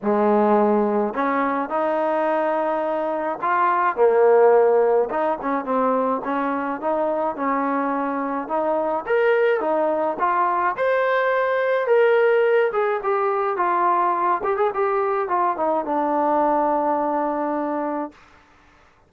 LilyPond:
\new Staff \with { instrumentName = "trombone" } { \time 4/4 \tempo 4 = 106 gis2 cis'4 dis'4~ | dis'2 f'4 ais4~ | ais4 dis'8 cis'8 c'4 cis'4 | dis'4 cis'2 dis'4 |
ais'4 dis'4 f'4 c''4~ | c''4 ais'4. gis'8 g'4 | f'4. g'16 gis'16 g'4 f'8 dis'8 | d'1 | }